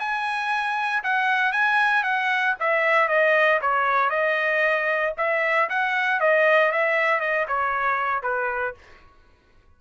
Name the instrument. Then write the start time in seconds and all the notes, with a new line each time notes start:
trumpet
0.00 G#5
1.04 F#5
1.53 G#5
2.04 F#5
2.60 E5
3.09 D#5
3.62 C#5
4.10 D#5
5.18 E5
5.70 F#5
6.20 D#5
6.72 E5
7.21 D#5
7.48 C#5
8.23 B4